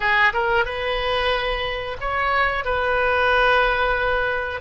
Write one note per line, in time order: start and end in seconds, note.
0.00 0.32 G#4
0.33 0.65 A#4
0.65 1.97 B4
2.00 2.64 C#5
2.64 4.60 B4